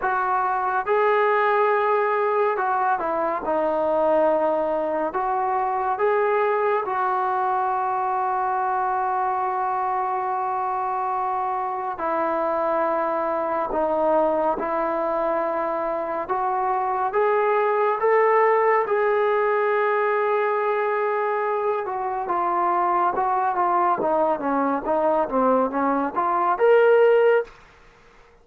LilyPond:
\new Staff \with { instrumentName = "trombone" } { \time 4/4 \tempo 4 = 70 fis'4 gis'2 fis'8 e'8 | dis'2 fis'4 gis'4 | fis'1~ | fis'2 e'2 |
dis'4 e'2 fis'4 | gis'4 a'4 gis'2~ | gis'4. fis'8 f'4 fis'8 f'8 | dis'8 cis'8 dis'8 c'8 cis'8 f'8 ais'4 | }